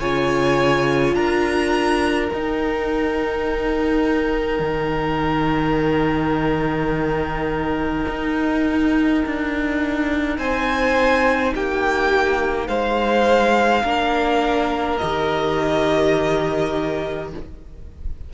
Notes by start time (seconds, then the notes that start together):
0.00 C#3 F4 C#5 G#5
1.14 D4 A#4 A#5
2.30 D#4 G5
4.59 D#3
8.09 D#4
9.26 D4
10.38 C4 C5 G#5
11.55 A#3 G4 G5
12.68 G#3 C5 F5
13.83 A#3 D4 A#4
14.98 D#3 G4 D#5